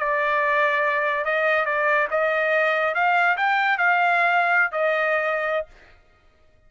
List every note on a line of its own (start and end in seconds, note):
0.00 1.25 D5
1.25 1.66 D#5
1.66 2.08 D5
2.11 2.95 D#5
2.95 3.37 F5
3.38 3.79 G5
3.79 4.72 F5
4.72 5.67 D#5